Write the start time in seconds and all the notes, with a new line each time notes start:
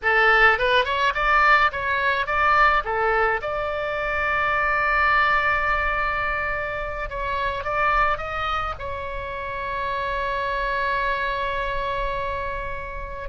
0.02 A4
0.58 B4
0.84 C#5
1.14 D5
1.72 C#5
2.26 D5
2.84 A4
3.41 D5
7.09 C#5
7.64 D5
8.17 D#5
8.79 C#5